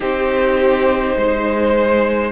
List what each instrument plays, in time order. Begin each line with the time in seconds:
0.00 cello C4, viola D#4, violin G4 C5
1.16 cello G#3, violin C5